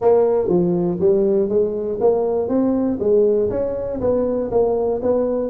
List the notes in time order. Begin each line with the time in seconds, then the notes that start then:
0.01 A#3
0.48 F3
1.00 G3
1.49 G#3
2.00 A#3
2.48 C4
2.99 G#3
3.50 C#4
4.00 B3
4.50 A#3
5.02 B3